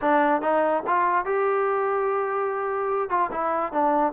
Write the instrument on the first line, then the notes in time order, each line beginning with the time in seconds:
trombone
0.01 D4
0.41 D#4
0.86 F4
1.25 G4
3.09 F4
3.31 E4
3.72 D4